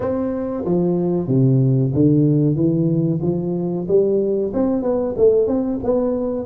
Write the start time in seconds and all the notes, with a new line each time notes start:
0.00 C4
0.65 F3
1.27 C3
1.94 D3
2.55 E3
3.22 F3
3.88 G3
4.53 C4
4.82 B3
5.17 A3
5.47 C4
5.83 B3